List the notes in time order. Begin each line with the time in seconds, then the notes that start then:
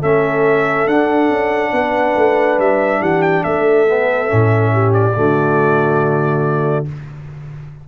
0.00 A3 C#4 A4 E5
0.87 D4 F#5
1.30 C#4
1.72 B3 B4
2.16 A3
2.59 G3 E5
3.01 E3 G4 F#5
3.22 G5
3.44 A3 A4 E5
3.87 B3
4.28 A2 C#4
4.73 G4
4.94 D5
5.14 D3 A3 F#4